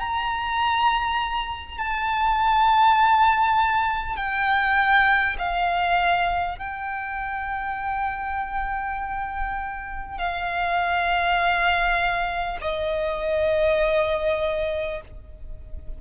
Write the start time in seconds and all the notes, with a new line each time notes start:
0.00 A#5
1.78 A5
4.17 G5
5.39 F5
6.59 G5
10.18 F5
12.62 D#5